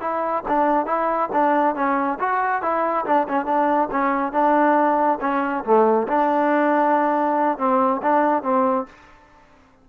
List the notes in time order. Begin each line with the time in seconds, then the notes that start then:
0.00 E4
0.48 D4
0.86 E4
1.32 D4
1.75 C#4
2.19 F#4
2.62 E4
3.05 D4
3.28 C#4
3.45 D4
3.91 C#4
4.32 D4
5.20 C#4
5.64 A3
6.07 D4
7.58 C4
8.02 D4
8.42 C4